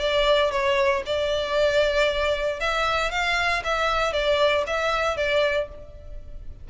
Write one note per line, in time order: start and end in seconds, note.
0.00 0.51 D5
0.51 1.03 C#5
1.07 2.60 D5
2.60 3.12 E5
3.12 3.63 F5
3.64 4.13 E5
4.13 4.65 D5
4.67 5.17 E5
5.17 5.69 D5